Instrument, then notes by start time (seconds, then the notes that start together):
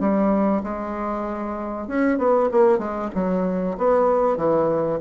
bassoon
0.00 G3
0.63 G#3
1.88 C#4
2.18 B3
2.51 A#3
2.78 G#3
3.15 F#3
3.78 B3
4.37 E3